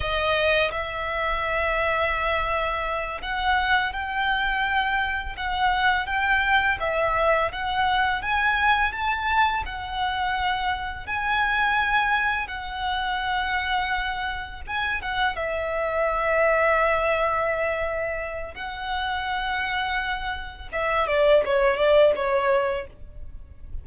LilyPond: \new Staff \with { instrumentName = "violin" } { \time 4/4 \tempo 4 = 84 dis''4 e''2.~ | e''8 fis''4 g''2 fis''8~ | fis''8 g''4 e''4 fis''4 gis''8~ | gis''8 a''4 fis''2 gis''8~ |
gis''4. fis''2~ fis''8~ | fis''8 gis''8 fis''8 e''2~ e''8~ | e''2 fis''2~ | fis''4 e''8 d''8 cis''8 d''8 cis''4 | }